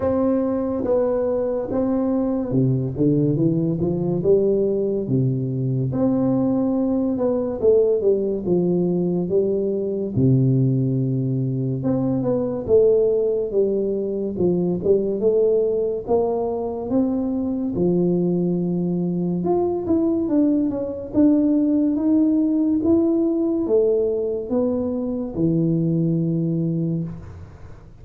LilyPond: \new Staff \with { instrumentName = "tuba" } { \time 4/4 \tempo 4 = 71 c'4 b4 c'4 c8 d8 | e8 f8 g4 c4 c'4~ | c'8 b8 a8 g8 f4 g4 | c2 c'8 b8 a4 |
g4 f8 g8 a4 ais4 | c'4 f2 f'8 e'8 | d'8 cis'8 d'4 dis'4 e'4 | a4 b4 e2 | }